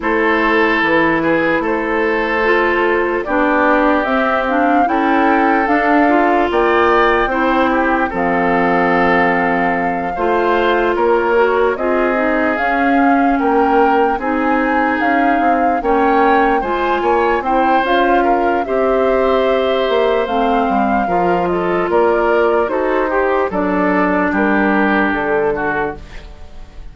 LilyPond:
<<
  \new Staff \with { instrumentName = "flute" } { \time 4/4 \tempo 4 = 74 c''4 b'4 c''2 | d''4 e''8 f''8 g''4 f''4 | g''2 f''2~ | f''4. cis''4 dis''4 f''8~ |
f''8 g''4 gis''4 f''4 g''8~ | g''8 gis''4 g''8 f''4 e''4~ | e''4 f''4. dis''8 d''4 | c''4 d''4 ais'4 a'4 | }
  \new Staff \with { instrumentName = "oboe" } { \time 4/4 a'4. gis'8 a'2 | g'2 a'2 | d''4 c''8 g'8 a'2~ | a'8 c''4 ais'4 gis'4.~ |
gis'8 ais'4 gis'2 cis''8~ | cis''8 c''8 cis''8 c''4 ais'8 c''4~ | c''2 ais'8 a'8 ais'4 | a'8 g'8 a'4 g'4. fis'8 | }
  \new Staff \with { instrumentName = "clarinet" } { \time 4/4 e'2. f'4 | d'4 c'8 d'8 e'4 d'8 f'8~ | f'4 e'4 c'2~ | c'8 f'4. fis'8 f'8 dis'8 cis'8~ |
cis'4. dis'2 cis'8~ | cis'8 f'4 e'8 f'4 g'4~ | g'4 c'4 f'2 | fis'8 g'8 d'2. | }
  \new Staff \with { instrumentName = "bassoon" } { \time 4/4 a4 e4 a2 | b4 c'4 cis'4 d'4 | ais4 c'4 f2~ | f8 a4 ais4 c'4 cis'8~ |
cis'8 ais4 c'4 cis'8 c'8 ais8~ | ais8 gis8 ais8 c'8 cis'4 c'4~ | c'8 ais8 a8 g8 f4 ais4 | dis'4 fis4 g4 d4 | }
>>